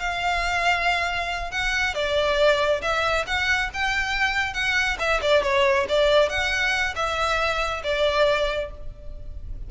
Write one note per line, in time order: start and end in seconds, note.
0.00 1.51 F5
1.51 1.95 F#5
1.95 2.82 D5
2.82 3.25 E5
3.27 3.70 F#5
3.74 4.54 G5
4.54 4.97 F#5
4.99 5.21 E5
5.22 5.43 D5
5.43 5.87 C#5
5.89 6.29 D5
6.29 6.95 F#5
6.96 7.83 E5
7.84 8.71 D5